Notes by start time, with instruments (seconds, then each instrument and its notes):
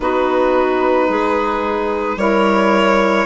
0.00 bassoon B3, saxophone D#4, clarinet F#4, violin B4
1.08 bassoon G#3, clarinet G#4
2.16 bassoon G3, saxophone E4, clarinet A#4, violin C#5